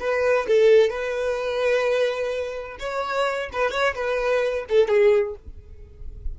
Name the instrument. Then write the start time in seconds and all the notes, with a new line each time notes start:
violin
0.00 B4
0.48 A4
0.90 B4
2.80 C#5
3.53 B4
3.71 C#5
3.95 B4
4.70 A4
4.89 G#4